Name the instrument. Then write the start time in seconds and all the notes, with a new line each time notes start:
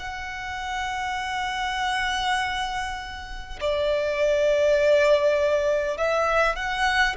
violin
0.00 F#5
3.61 D5
5.98 E5
6.56 F#5